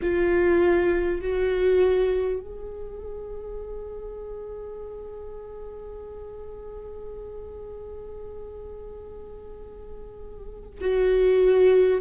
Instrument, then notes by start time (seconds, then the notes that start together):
viola
0.02 F4
1.21 F#4
2.40 G#4
10.81 F#4